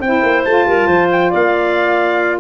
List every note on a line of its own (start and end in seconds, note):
0.00 0.22 C4
0.00 0.48 E4
0.00 0.68 C5
0.00 0.44 G5
0.23 0.45 A#3
0.45 0.65 A3
0.45 2.40 F4
0.45 1.10 A5
0.65 0.87 G3
0.65 0.87 A#4
0.87 1.31 F3
0.87 1.30 C5
1.12 1.33 G5
1.30 2.40 A#3
1.30 2.39 D5
1.30 2.40 F5